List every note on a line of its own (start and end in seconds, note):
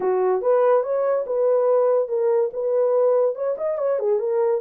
0.00 0.41 F#4
0.41 0.83 B4
0.83 1.25 C#5
1.26 2.08 B4
2.08 2.50 A#4
2.53 3.35 B4
3.35 3.55 C#5
3.57 3.78 D#5
3.78 3.99 C#5
3.99 4.19 G#4
4.19 4.61 A#4